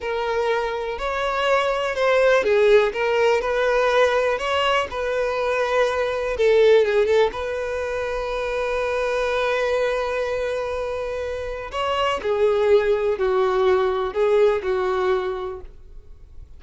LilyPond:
\new Staff \with { instrumentName = "violin" } { \time 4/4 \tempo 4 = 123 ais'2 cis''2 | c''4 gis'4 ais'4 b'4~ | b'4 cis''4 b'2~ | b'4 a'4 gis'8 a'8 b'4~ |
b'1~ | b'1 | cis''4 gis'2 fis'4~ | fis'4 gis'4 fis'2 | }